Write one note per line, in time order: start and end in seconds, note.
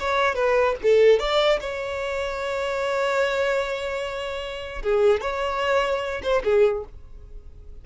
0.00 0.35 C#5
0.35 0.75 B4
0.83 1.20 A4
1.20 1.60 D5
1.61 4.83 C#5
4.83 5.21 G#4
5.21 6.22 C#5
6.23 6.43 C5
6.44 6.85 G#4